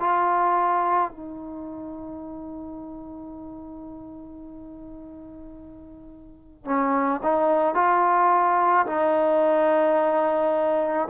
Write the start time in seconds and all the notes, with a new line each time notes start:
0.00 F4
1.11 D#4
6.65 C#4
7.23 D#4
7.75 F4
8.86 D#4